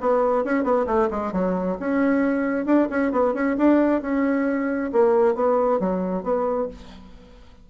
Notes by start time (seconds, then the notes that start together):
0.00 B3
0.44 C#4
0.63 B3
0.86 A3
1.10 G#3
1.32 F#3
1.79 C#4
2.65 D4
2.90 C#4
3.12 B3
3.34 C#4
3.57 D4
4.01 C#4
4.92 A#3
5.35 B3
5.79 F#3
6.23 B3